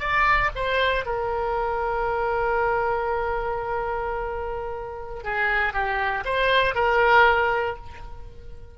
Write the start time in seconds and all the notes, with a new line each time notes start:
0.00 D5
0.56 C5
1.06 A#4
5.24 G#4
5.74 G4
6.25 C5
6.75 A#4